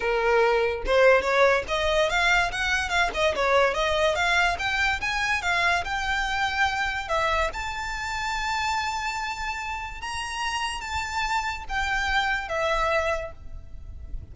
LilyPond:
\new Staff \with { instrumentName = "violin" } { \time 4/4 \tempo 4 = 144 ais'2 c''4 cis''4 | dis''4 f''4 fis''4 f''8 dis''8 | cis''4 dis''4 f''4 g''4 | gis''4 f''4 g''2~ |
g''4 e''4 a''2~ | a''1 | ais''2 a''2 | g''2 e''2 | }